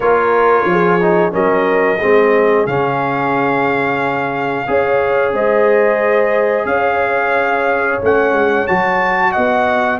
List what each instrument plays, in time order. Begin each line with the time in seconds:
0.00 tuba A#3, trombone F4, horn A#4, trumpet C#5
0.65 tuba F3
0.71 horn G#4
1.01 trombone D#4
1.31 tuba F#3, trombone C#4, horn A#4, trumpet D#5
1.97 tuba G#3, trombone C4, horn G#4
2.66 tuba C#3, trombone C#4, trumpet F5
4.67 tuba C#4, trombone G#4, horn C#5
5.33 tuba G#3, horn C5, trumpet D#5
6.65 tuba C#4, horn C#5, trumpet F5
8.01 tuba A3, trombone C#4, trumpet F#5
8.32 tuba G#3
8.67 tuba F#3, trombone F#4, trumpet A5
9.32 tuba B3, horn D#5, trumpet F#5